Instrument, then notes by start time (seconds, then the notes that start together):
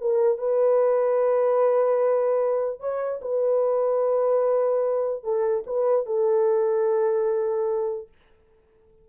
horn
0.00 A#4
0.38 B4
2.80 C#5
3.21 B4
5.24 A4
5.66 B4
6.06 A4